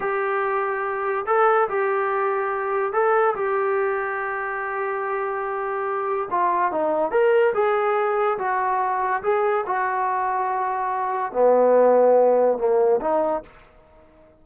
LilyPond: \new Staff \with { instrumentName = "trombone" } { \time 4/4 \tempo 4 = 143 g'2. a'4 | g'2. a'4 | g'1~ | g'2. f'4 |
dis'4 ais'4 gis'2 | fis'2 gis'4 fis'4~ | fis'2. b4~ | b2 ais4 dis'4 | }